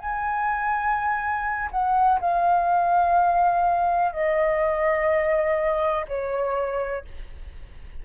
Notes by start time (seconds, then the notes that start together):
0.00 G#5
1.72 F#5
2.21 F5
4.13 D#5
6.08 C#5